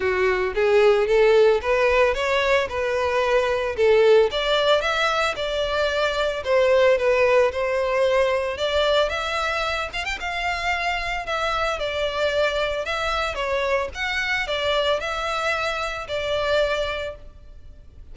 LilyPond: \new Staff \with { instrumentName = "violin" } { \time 4/4 \tempo 4 = 112 fis'4 gis'4 a'4 b'4 | cis''4 b'2 a'4 | d''4 e''4 d''2 | c''4 b'4 c''2 |
d''4 e''4. f''16 g''16 f''4~ | f''4 e''4 d''2 | e''4 cis''4 fis''4 d''4 | e''2 d''2 | }